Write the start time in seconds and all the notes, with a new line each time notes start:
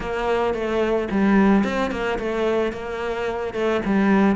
0.00 A#3
0.53 A3
1.11 G3
1.64 C4
1.91 A#3
2.18 A3
2.72 A#3
3.54 A3
3.85 G3